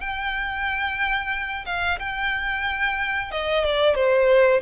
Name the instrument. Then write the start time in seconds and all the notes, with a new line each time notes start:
violin
0.00 G5
1.65 F5
1.99 G5
3.31 D#5
3.64 D5
3.94 C5